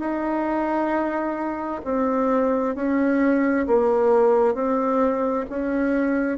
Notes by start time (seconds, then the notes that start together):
0.00 D#4
1.85 C4
2.76 C#4
3.67 A#3
4.55 C4
5.50 C#4